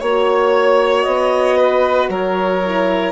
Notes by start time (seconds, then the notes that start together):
0.00 A#3 F#4 C#5
1.03 B3 D#5
1.57 B4
2.09 F#3 A#4 C#5
2.65 E4